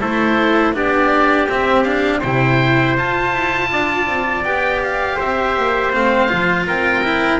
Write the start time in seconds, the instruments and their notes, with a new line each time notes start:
0.00 double bass A3, cello E4, trumpet A4, oboe C5
0.73 double bass B3, cello D4, trumpet G4, oboe D5
1.48 cello C4, double bass C4, oboe E5
1.83 cello D4, oboe F5
2.19 double bass C3, cello E4, trumpet C5, oboe G5
2.97 double bass F4, cello F4, oboe A5
3.33 double bass E4
3.71 double bass D4, trumpet D5
4.07 double bass C4
4.44 double bass B3, cello G4, oboe G5
4.83 oboe F5
5.16 double bass C4, trumpet C5, oboe E5
5.57 double bass A#3
5.93 double bass A3, cello C4, oboe F5
6.28 double bass F3, cello F4
6.66 double bass C4, trumpet A#4, oboe G5
7.03 cello E4